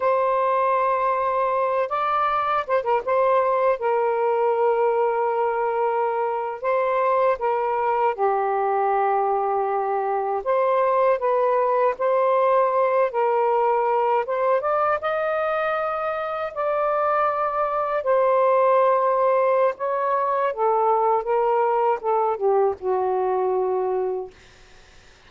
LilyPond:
\new Staff \with { instrumentName = "saxophone" } { \time 4/4 \tempo 4 = 79 c''2~ c''8 d''4 c''16 ais'16 | c''4 ais'2.~ | ais'8. c''4 ais'4 g'4~ g'16~ | g'4.~ g'16 c''4 b'4 c''16~ |
c''4~ c''16 ais'4. c''8 d''8 dis''16~ | dis''4.~ dis''16 d''2 c''16~ | c''2 cis''4 a'4 | ais'4 a'8 g'8 fis'2 | }